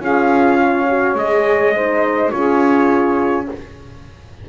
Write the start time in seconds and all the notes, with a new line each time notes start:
0.00 C#4 F4 G#4 F5
0.62 C#5
0.88 F#4
1.15 G#3 G#4 D#5
1.75 D#4 C5
2.31 C#4 F4 G#4 C#5